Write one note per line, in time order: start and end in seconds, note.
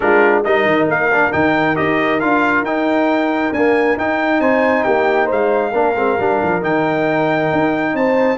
0.00 0.44 G#3
0.00 0.44 D4
0.00 0.44 F4
0.00 0.43 A#4
0.44 0.65 G3
0.44 1.11 D#4
0.44 4.40 A#4
0.44 0.88 D#5
0.65 0.87 D#3
0.87 1.32 A#3
0.87 1.32 F5
1.12 1.31 D4
1.31 1.78 D#3
1.31 1.75 D#4
1.31 1.75 G5
1.75 2.22 D#4
1.75 2.19 G4
1.75 2.20 D#5
2.20 2.62 D4
2.20 2.65 F4
2.20 2.64 F5
2.62 3.50 D#4
2.62 3.54 D#4
2.62 3.53 G5
3.52 3.98 A#3
3.52 3.96 D4
3.52 3.97 G#5
3.96 4.40 D#4
3.96 5.73 D#4
3.96 4.40 G5
4.40 4.84 C4
4.40 4.84 C5
4.40 4.83 G#5
4.83 5.31 A#3
4.83 5.25 G4
4.83 5.27 G5
5.25 5.73 G#3
5.25 5.69 C5
5.31 6.63 F5
5.71 5.95 A#3
5.71 5.95 D4
5.71 7.91 A#4
5.95 6.17 G#3
5.95 6.18 C4
6.19 6.41 G3
6.19 6.61 D4
6.42 6.62 F3
6.61 7.51 D#3
6.61 8.37 D#4
6.61 7.96 G5
7.52 7.93 D#4
7.93 8.37 C4
7.93 8.37 C5
7.93 8.37 A5